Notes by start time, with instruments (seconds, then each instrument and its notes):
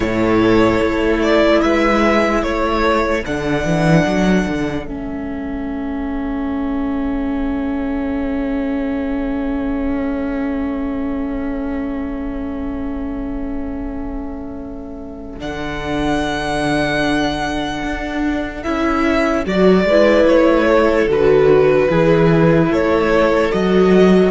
0.00 cello A2, viola E4, violin A4 C#5
0.81 cello A3
1.22 violin D5
1.61 cello G#3, violin B4 E5
2.43 cello A3, violin A4 C#5
3.24 cello D3, viola D4, violin F#5
3.65 cello E3
4.06 cello F#3
4.47 cello D3
4.86 cello A3, viola C#4, violin E5
15.38 cello D3, viola D4, violin F#5
17.83 cello D4
18.62 cello C#4, viola E4, violin E5
19.45 cello F#3, viola F#4, violin D5
19.83 cello G#3, violin B4
19.90 viola E4
20.27 cello A3, violin C#5
20.67 violin A4
21.06 cello D3, viola F#4, violin B4
21.89 cello E3, viola E4, violin G#4
22.69 cello A3, violin A4 C#5
23.51 cello F#3, viola F#4, violin D#5